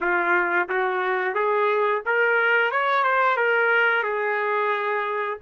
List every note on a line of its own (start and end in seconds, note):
0.00 0.68 F4
0.68 1.34 F#4
1.34 2.02 G#4
2.05 2.71 A#4
2.71 3.03 C#5
3.03 3.36 C5
3.36 4.03 A#4
4.03 5.38 G#4